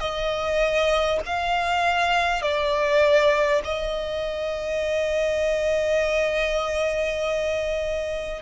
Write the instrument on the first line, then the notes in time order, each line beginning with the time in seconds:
violin
0.00 D#5
1.26 F5
2.42 D5
3.64 D#5